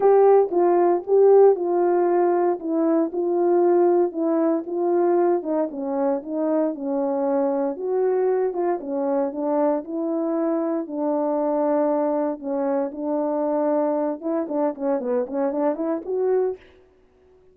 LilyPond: \new Staff \with { instrumentName = "horn" } { \time 4/4 \tempo 4 = 116 g'4 f'4 g'4 f'4~ | f'4 e'4 f'2 | e'4 f'4. dis'8 cis'4 | dis'4 cis'2 fis'4~ |
fis'8 f'8 cis'4 d'4 e'4~ | e'4 d'2. | cis'4 d'2~ d'8 e'8 | d'8 cis'8 b8 cis'8 d'8 e'8 fis'4 | }